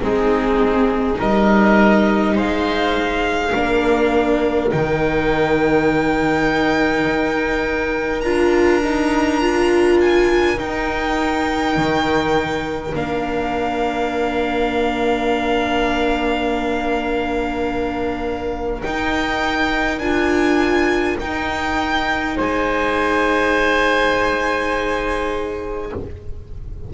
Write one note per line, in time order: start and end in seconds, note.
0.00 1.19 G#3
0.00 1.14 C4
0.00 1.18 D#4
0.00 1.19 G#4
1.14 2.35 G3
1.14 3.49 D#4
1.14 2.35 A#4
1.14 2.37 D#5
2.35 3.53 G#3
2.35 3.52 C5
2.35 4.70 F5
3.52 4.72 A#3
3.52 4.69 D4
3.52 22.35 A#4
4.69 7.06 D#3
4.69 8.22 D#4
4.69 8.21 G5
7.06 8.23 D#4
8.21 10.58 D4
8.21 8.82 F4
8.21 9.97 A#5
8.83 9.40 D#4
9.40 10.56 F4
10.00 10.59 G#5
10.56 12.91 D#4
10.56 11.76 D#4
10.56 12.94 G5
11.76 12.94 D#3
12.94 18.82 A#3
12.94 18.82 D4
12.94 18.82 F5
18.82 20.00 D#4
18.82 19.99 D#4
18.82 19.98 G5
19.98 21.16 D4
19.98 21.19 F4
19.98 21.16 G#5
21.19 22.36 D#4
21.19 25.90 D#4
21.19 22.37 G5
22.36 25.91 G#3
22.36 25.89 C5
22.36 25.93 G#5